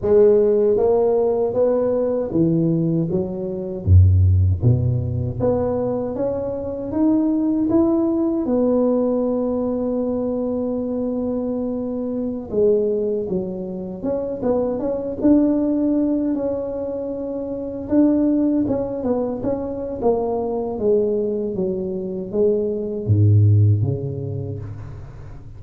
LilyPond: \new Staff \with { instrumentName = "tuba" } { \time 4/4 \tempo 4 = 78 gis4 ais4 b4 e4 | fis4 fis,4 b,4 b4 | cis'4 dis'4 e'4 b4~ | b1~ |
b16 gis4 fis4 cis'8 b8 cis'8 d'16~ | d'4~ d'16 cis'2 d'8.~ | d'16 cis'8 b8 cis'8. ais4 gis4 | fis4 gis4 gis,4 cis4 | }